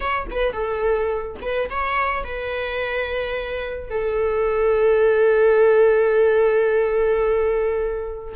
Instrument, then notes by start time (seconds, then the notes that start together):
viola
0.00 C#5
0.30 B4
0.53 A4
1.41 B4
1.70 C#5
2.23 B4
3.90 A4